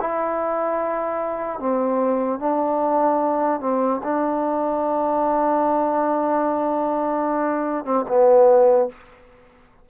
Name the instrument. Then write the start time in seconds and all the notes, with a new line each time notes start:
trombone
0.00 E4
1.60 C4
2.40 D4
3.60 C4
4.04 D4
7.85 C4
8.08 B3